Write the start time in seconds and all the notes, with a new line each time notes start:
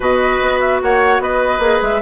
0.00 B2 F#4 B4 D#5
0.41 B3
0.60 E5
0.82 A#3 C#5 F#5
1.19 B3 B4 D#5
1.59 A#3 G#4
1.81 G#3 E5